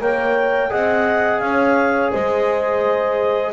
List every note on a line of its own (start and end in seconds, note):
0.00 0.71 A#3
0.00 0.70 A#4
0.00 0.71 C#5
0.00 0.71 G5
0.70 1.41 C4
0.70 3.52 G#4
0.70 1.41 D#5
0.70 1.39 F#5
1.39 2.11 C#4
1.39 2.11 C#5
1.39 2.10 F5
2.11 3.53 G#3
2.11 3.52 C5
2.11 3.53 D#5